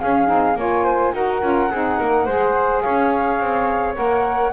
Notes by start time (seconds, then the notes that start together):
0.00 C#4 G#4 F5
0.27 C4 D#4
0.55 A#3 F4 C#5 G#5
0.84 C5
1.14 D#4 F#4 A#4 F#5
1.41 C#4 F4
1.71 C4 D#4 G#4
1.98 A#3 A#4
2.25 G#3 G#4 C5
2.81 C#4 C#5 F5
3.40 C4
3.95 A#3 A#4 F#5